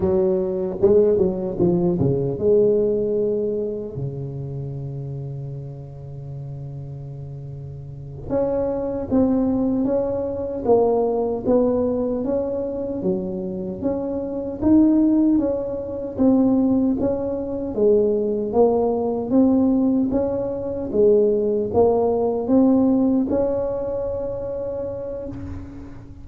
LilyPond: \new Staff \with { instrumentName = "tuba" } { \time 4/4 \tempo 4 = 76 fis4 gis8 fis8 f8 cis8 gis4~ | gis4 cis2.~ | cis2~ cis8 cis'4 c'8~ | c'8 cis'4 ais4 b4 cis'8~ |
cis'8 fis4 cis'4 dis'4 cis'8~ | cis'8 c'4 cis'4 gis4 ais8~ | ais8 c'4 cis'4 gis4 ais8~ | ais8 c'4 cis'2~ cis'8 | }